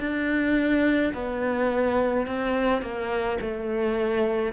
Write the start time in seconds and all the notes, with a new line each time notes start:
0.00 D4
1.14 B3
2.26 C4
2.82 A#3
3.41 A3